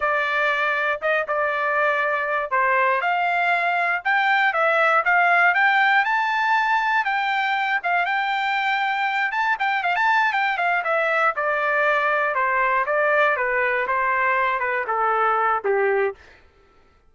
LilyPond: \new Staff \with { instrumentName = "trumpet" } { \time 4/4 \tempo 4 = 119 d''2 dis''8 d''4.~ | d''4 c''4 f''2 | g''4 e''4 f''4 g''4 | a''2 g''4. f''8 |
g''2~ g''8 a''8 g''8 f''16 a''16~ | a''8 g''8 f''8 e''4 d''4.~ | d''8 c''4 d''4 b'4 c''8~ | c''4 b'8 a'4. g'4 | }